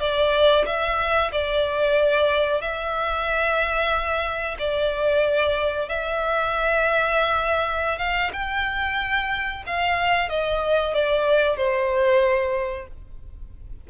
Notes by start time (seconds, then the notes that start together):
0.00 D5
0.66 E5
1.32 D5
2.61 E5
4.59 D5
5.88 E5
7.99 F5
8.33 G5
9.66 F5
10.29 D#5
10.94 D5
11.56 C5